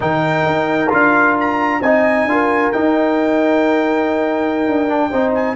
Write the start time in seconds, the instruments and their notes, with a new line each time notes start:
0.00 tuba D#3, trombone D#4, horn A#4, trumpet G5
0.46 tuba D#4
0.89 tuba D4, trombone F4, trumpet F5
1.39 trumpet A#5
1.80 tuba C4, trombone D#4, horn D#5, trumpet G#5
2.24 tuba D4, trombone F4
2.31 horn A#4
2.72 trombone D#4, tuba D#4, trumpet G5
4.67 tuba D4
4.87 trombone D4
5.10 tuba C4, trombone D#4, horn C5
5.34 trumpet G#5